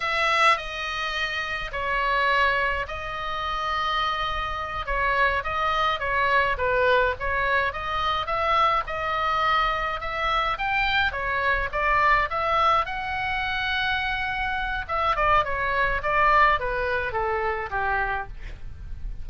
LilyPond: \new Staff \with { instrumentName = "oboe" } { \time 4/4 \tempo 4 = 105 e''4 dis''2 cis''4~ | cis''4 dis''2.~ | dis''8 cis''4 dis''4 cis''4 b'8~ | b'8 cis''4 dis''4 e''4 dis''8~ |
dis''4. e''4 g''4 cis''8~ | cis''8 d''4 e''4 fis''4.~ | fis''2 e''8 d''8 cis''4 | d''4 b'4 a'4 g'4 | }